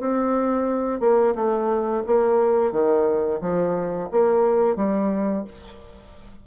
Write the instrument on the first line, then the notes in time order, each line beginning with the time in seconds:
bassoon
0.00 C4
1.00 A#3
1.35 A3
2.07 A#3
2.72 D#3
3.41 F3
4.11 A#3
4.76 G3